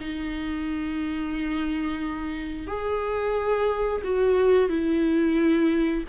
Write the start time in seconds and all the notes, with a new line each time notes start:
0.00 D#4
2.67 G#4
4.04 F#4
4.69 E4